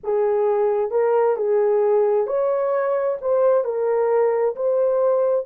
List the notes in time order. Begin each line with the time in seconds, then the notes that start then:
0.03 G#4
0.90 A#4
1.36 G#4
2.26 C#5
3.21 C5
3.64 A#4
4.55 C5